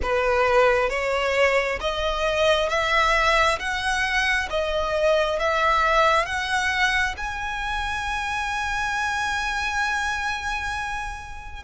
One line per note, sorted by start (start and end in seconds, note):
0.02 0.90 B4
0.90 1.79 C#5
1.80 2.69 D#5
2.69 3.58 E5
3.59 4.48 F#5
4.49 5.39 D#5
5.39 6.25 E5
6.25 7.15 F#5
7.17 11.63 G#5